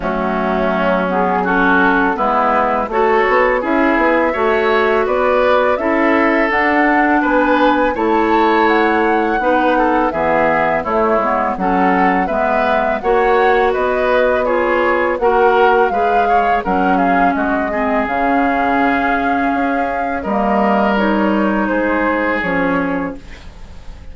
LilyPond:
<<
  \new Staff \with { instrumentName = "flute" } { \time 4/4 \tempo 4 = 83 fis'4. gis'8 a'4 b'4 | cis''4 e''2 d''4 | e''4 fis''4 gis''4 a''4 | fis''2 e''4 cis''4 |
fis''4 e''4 fis''4 dis''4 | cis''4 fis''4 f''4 fis''8 f''8 | dis''4 f''2. | dis''4 cis''4 c''4 cis''4 | }
  \new Staff \with { instrumentName = "oboe" } { \time 4/4 cis'2 fis'4 e'4 | a'4 gis'4 cis''4 b'4 | a'2 b'4 cis''4~ | cis''4 b'8 a'8 gis'4 e'4 |
a'4 b'4 cis''4 b'4 | gis'4 ais'4 b'8 cis''8 ais'8 gis'8 | fis'8 gis'2.~ gis'8 | ais'2 gis'2 | }
  \new Staff \with { instrumentName = "clarinet" } { \time 4/4 a4. b8 cis'4 b4 | fis'4 e'4 fis'2 | e'4 d'2 e'4~ | e'4 dis'4 b4 a8 b8 |
cis'4 b4 fis'2 | f'4 fis'4 gis'4 cis'4~ | cis'8 c'8 cis'2. | ais4 dis'2 cis'4 | }
  \new Staff \with { instrumentName = "bassoon" } { \time 4/4 fis2. gis4 | a8 b8 cis'8 b8 a4 b4 | cis'4 d'4 b4 a4~ | a4 b4 e4 a8 gis8 |
fis4 gis4 ais4 b4~ | b4 ais4 gis4 fis4 | gis4 cis2 cis'4 | g2 gis4 f4 | }
>>